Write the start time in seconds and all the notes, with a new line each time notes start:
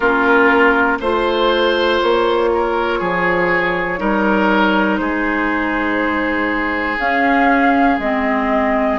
0.00 A#3 C#4 F4 A#4
1.00 A3 F4 C5
2.00 A#3 C#5
2.54 A#4
2.99 F3 G#4
3.98 G3 D#4 A#4
4.97 G#3 G#4 C5
6.97 C#4 F5
7.98 G#3 C4 D#5